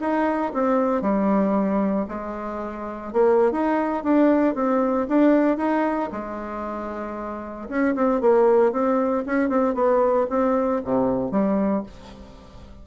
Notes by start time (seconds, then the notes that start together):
0.00 D#4
0.54 C4
1.01 G3
2.08 G#3
3.13 A#3
3.51 D#4
4.03 D4
4.55 C4
5.08 D4
5.57 D#4
6.12 G#3
7.69 C#4
7.95 C4
8.21 A#3
8.72 C4
9.26 C#4
9.49 C4
9.74 B3
10.29 C4
10.84 C3
11.31 G3